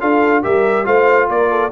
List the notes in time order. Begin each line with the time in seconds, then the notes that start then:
0.00 D4 F4 A4 F5
0.42 G3 G4 A#4 E5
0.84 A3 F4 C5 F5
1.29 A#3 A#4 D5
1.50 A4